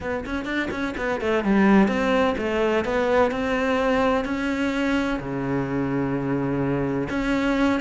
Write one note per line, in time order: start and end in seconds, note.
0.01 0.24 B3
0.25 0.45 C#4
0.45 0.69 D4
0.70 0.94 C#4
0.97 1.20 B3
1.20 1.44 A3
1.44 1.87 G3
1.87 2.35 C4
2.37 2.84 A3
2.84 3.31 B3
3.31 4.24 C4
4.24 5.19 C#4
5.19 7.08 C#3
7.09 7.80 C#4